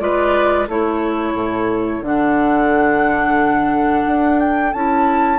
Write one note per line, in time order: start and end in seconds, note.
0.00 0.68 G#3
0.00 0.67 F4
0.00 0.69 B4
0.00 0.68 D5
0.69 1.35 A3
0.69 2.04 E4
0.69 5.39 A4
0.69 2.04 C#5
1.35 2.02 A2
2.02 4.04 D3
2.02 4.74 D4
2.02 4.40 F#5
4.07 4.74 D4
4.40 4.73 G5
4.73 5.39 C#4
4.73 5.39 E4
4.73 5.39 A5